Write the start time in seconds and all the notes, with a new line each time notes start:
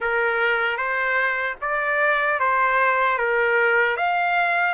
0.00 A#4
0.77 C5
1.61 D5
2.39 C5
3.18 A#4
3.97 F5